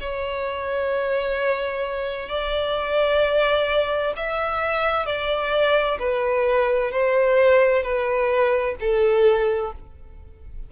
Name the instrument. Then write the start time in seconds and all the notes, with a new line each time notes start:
violin
0.00 C#5
2.28 D5
4.16 E5
5.05 D5
5.99 B4
6.91 C5
7.83 B4
8.79 A4